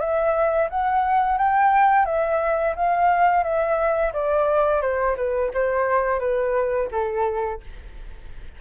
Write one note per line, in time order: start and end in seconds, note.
0.00 0.69 E5
0.70 1.38 F#5
1.38 2.06 G5
2.06 2.75 E5
2.76 3.44 F5
3.44 4.13 E5
4.13 4.82 D5
4.82 5.16 C5
5.17 5.51 B4
5.54 6.20 C5
6.20 6.89 B4
6.92 7.61 A4